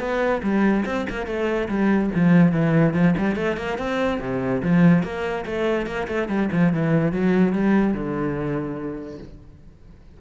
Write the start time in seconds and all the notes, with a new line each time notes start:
0.00 B3
0.43 G3
0.86 C4
1.10 A#3
1.27 A3
1.69 G3
2.15 F3
2.53 E3
2.94 F3
3.18 G3
3.36 A3
3.58 A#3
3.78 C4
4.21 C3
4.63 F3
5.04 A#3
5.46 A3
5.87 A#3
6.08 A3
6.29 G3
6.53 F3
6.73 E3
7.13 F#3
7.54 G3
7.94 D3